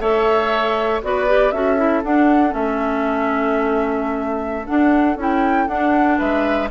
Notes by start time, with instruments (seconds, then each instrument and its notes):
0.00 bassoon A3, clarinet A4, oboe C#5, flute E5
1.02 bassoon B3, clarinet F#4, oboe B4, flute D5
1.27 clarinet G4
1.51 bassoon C#4, clarinet F#4, oboe A4, flute E5
1.77 clarinet E4
2.04 bassoon D4, clarinet D4, flute F#5
2.49 bassoon A3, clarinet C#4, flute E5
4.66 clarinet D4, bassoon D4, flute F#5
5.16 bassoon C#4, clarinet E4, flute G5
5.68 bassoon D4, clarinet D4, flute F#5
6.18 bassoon G#3, oboe B4, flute E5